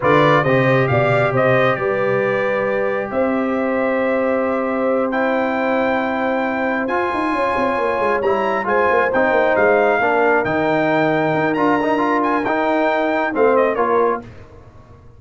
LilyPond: <<
  \new Staff \with { instrumentName = "trumpet" } { \time 4/4 \tempo 4 = 135 d''4 dis''4 f''4 dis''4 | d''2. e''4~ | e''2.~ e''8 g''8~ | g''2.~ g''8 gis''8~ |
gis''2~ gis''8 ais''4 gis''8~ | gis''8 g''4 f''2 g''8~ | g''2 ais''4. gis''8 | g''2 f''8 dis''8 cis''4 | }
  \new Staff \with { instrumentName = "horn" } { \time 4/4 b'4 c''4 d''4 c''4 | b'2. c''4~ | c''1~ | c''1~ |
c''8 cis''2. c''8~ | c''2~ c''8 ais'4.~ | ais'1~ | ais'2 c''4 ais'4 | }
  \new Staff \with { instrumentName = "trombone" } { \time 4/4 f'4 g'2.~ | g'1~ | g'2.~ g'8 e'8~ | e'2.~ e'8 f'8~ |
f'2~ f'8 e'4 f'8~ | f'8 dis'2 d'4 dis'8~ | dis'2 f'8 dis'8 f'4 | dis'2 c'4 f'4 | }
  \new Staff \with { instrumentName = "tuba" } { \time 4/4 d4 c4 b,4 c4 | g2. c'4~ | c'1~ | c'2.~ c'8 f'8 |
dis'8 cis'8 c'8 ais8 gis8 g4 gis8 | ais8 c'8 ais8 gis4 ais4 dis8~ | dis4. dis'8 d'2 | dis'2 a4 ais4 | }
>>